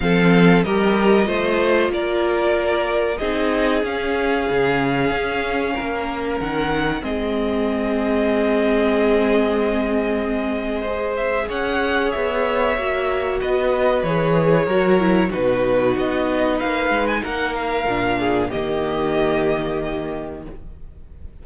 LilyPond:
<<
  \new Staff \with { instrumentName = "violin" } { \time 4/4 \tempo 4 = 94 f''4 dis''2 d''4~ | d''4 dis''4 f''2~ | f''2 fis''4 dis''4~ | dis''1~ |
dis''4. e''8 fis''4 e''4~ | e''4 dis''4 cis''2 | b'4 dis''4 f''8. gis''16 fis''8 f''8~ | f''4 dis''2. | }
  \new Staff \with { instrumentName = "violin" } { \time 4/4 a'4 ais'4 c''4 ais'4~ | ais'4 gis'2.~ | gis'4 ais'2 gis'4~ | gis'1~ |
gis'4 c''4 cis''2~ | cis''4 b'2 ais'4 | fis'2 b'4 ais'4~ | ais'8 gis'8 g'2. | }
  \new Staff \with { instrumentName = "viola" } { \time 4/4 c'4 g'4 f'2~ | f'4 dis'4 cis'2~ | cis'2. c'4~ | c'1~ |
c'4 gis'2. | fis'2 gis'4 fis'8 e'8 | dis'1 | d'4 ais2. | }
  \new Staff \with { instrumentName = "cello" } { \time 4/4 f4 g4 a4 ais4~ | ais4 c'4 cis'4 cis4 | cis'4 ais4 dis4 gis4~ | gis1~ |
gis2 cis'4 b4 | ais4 b4 e4 fis4 | b,4 b4 ais8 gis8 ais4 | ais,4 dis2. | }
>>